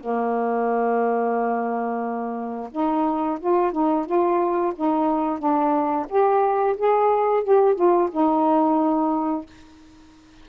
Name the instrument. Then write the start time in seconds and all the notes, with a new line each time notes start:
saxophone
0.00 A#3
2.71 D#4
3.40 F4
3.72 D#4
4.06 F4
4.75 D#4
5.38 D4
6.08 G4
6.77 G#4
7.43 G4
7.75 F4
8.11 D#4